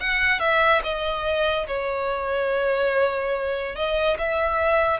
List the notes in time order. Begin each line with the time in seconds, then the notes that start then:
0.00 F#5
0.40 E5
0.83 D#5
1.67 C#5
3.76 D#5
4.18 E5